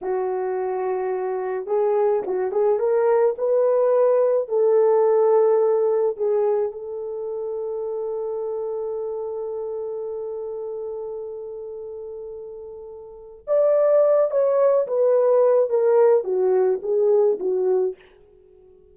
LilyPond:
\new Staff \with { instrumentName = "horn" } { \time 4/4 \tempo 4 = 107 fis'2. gis'4 | fis'8 gis'8 ais'4 b'2 | a'2. gis'4 | a'1~ |
a'1~ | a'1 | d''4. cis''4 b'4. | ais'4 fis'4 gis'4 fis'4 | }